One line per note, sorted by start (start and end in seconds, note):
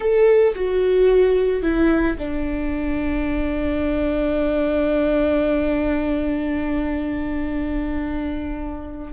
0.00 0.54 A4
0.55 1.62 F#4
1.62 2.17 E4
2.18 9.12 D4